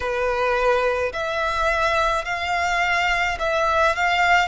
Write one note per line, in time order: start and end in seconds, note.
0.00 1.12 B4
1.12 2.24 E5
2.24 3.38 F5
3.39 3.95 E5
3.95 4.48 F5